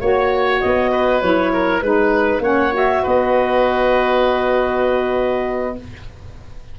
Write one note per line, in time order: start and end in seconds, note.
0.00 0.62 A#3
0.00 1.21 F#4
0.00 0.91 C#5
0.00 0.60 C#5
0.60 1.22 B3
0.60 1.21 D#5
0.91 1.52 B4
1.21 1.82 F#3
1.21 1.82 E4
1.21 1.81 C#5
1.53 1.83 A#4
1.81 2.39 G#3
1.81 2.42 D#4
1.81 2.41 B4
1.81 2.42 B4
2.39 3.00 A#3
2.39 2.72 C#4
2.39 3.03 C#5
2.39 2.73 F#5
2.72 5.75 F#4
2.72 3.06 E5
3.03 5.79 B3
3.03 5.75 B4
3.03 5.78 D#5